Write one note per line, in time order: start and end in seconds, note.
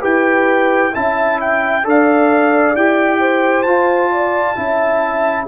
0.00 0.95 E4
0.00 0.91 G4
0.00 0.91 B4
0.00 0.95 G5
0.93 1.85 C#4
0.93 1.84 E4
0.93 1.84 E5
0.93 1.40 A5
1.41 1.86 G5
1.84 2.75 D4
1.84 2.75 A4
1.84 3.20 D5
1.84 2.76 F5
2.75 3.66 E4
2.75 3.66 G4
2.75 3.63 G5
3.20 4.11 C5
3.63 4.57 F4
3.63 4.56 F4
3.63 5.45 A5
4.12 4.57 D5
4.56 5.48 C#4
4.56 5.47 E4
4.56 5.48 E5